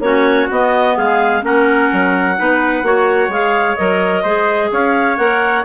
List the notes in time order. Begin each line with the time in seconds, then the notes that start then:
0.00 A#3 C#4 F#4 C#5
0.50 B3 D#5
0.97 G#3 G#4 F5
1.42 A#3 C#4 A#4 F#5
1.93 F#3
2.38 B3 D#4 B4
2.83 A#3 F#4 C#5
3.28 G#3 G#4 F5
3.76 F#3 A#4 D#5
4.23 G#3 G#4 C5
4.72 C#4 C#5 F5
5.17 A#3 A#4 F#5